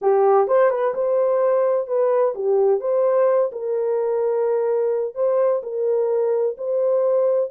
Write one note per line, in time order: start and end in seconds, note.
0.01 0.47 G4
0.47 0.70 C5
0.70 0.94 B4
0.94 1.87 C5
1.87 2.34 B4
2.34 2.80 G4
2.80 3.50 C5
3.52 5.15 A#4
5.15 5.61 C5
5.62 6.56 A#4
6.57 7.50 C5